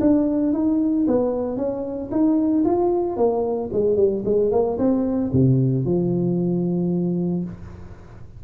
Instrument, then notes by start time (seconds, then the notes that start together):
tuba
0.00 D4
0.53 D#4
1.07 B3
1.57 C#4
2.11 D#4
2.65 F4
3.16 A#3
3.72 G#3
3.96 G3
4.25 G#3
4.51 A#3
4.78 C4
5.33 C3
5.85 F3